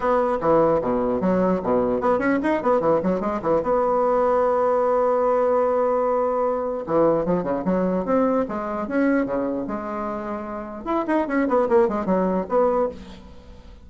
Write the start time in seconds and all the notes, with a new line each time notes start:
0.00 B3
0.40 E3
0.81 B2
1.20 F#3
1.63 B2
2.00 B3
2.18 C#4
2.43 D#4
2.62 B3
2.80 E3
3.03 F#3
3.20 G#3
3.41 E3
3.62 B3
6.86 E3
7.25 F3
7.43 C#3
7.65 F#3
8.05 C4
8.48 G#3
8.87 C#4
9.25 C#3
9.67 G#3
10.84 E4
11.07 D#4
11.27 C#4
11.48 B3
11.69 A#3
11.88 G#3
12.05 F#3
12.48 B3